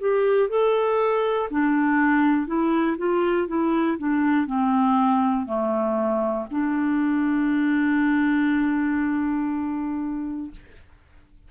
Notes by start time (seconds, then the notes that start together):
0.00 G4
0.50 A4
1.51 D4
2.47 E4
2.98 F4
3.48 E4
3.99 D4
4.46 C4
5.46 A3
6.51 D4